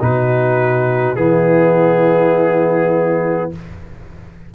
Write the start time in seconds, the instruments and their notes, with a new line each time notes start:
0.00 tuba B2, trombone D#4, horn F#4, trumpet B4
1.16 tuba E3, trombone B3, horn E4, trumpet G#4